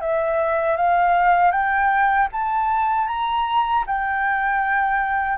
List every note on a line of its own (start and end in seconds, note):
0.00 0.77 E5
0.77 1.51 F5
1.51 2.28 G5
2.32 3.07 A5
3.07 3.84 A#5
3.86 5.37 G5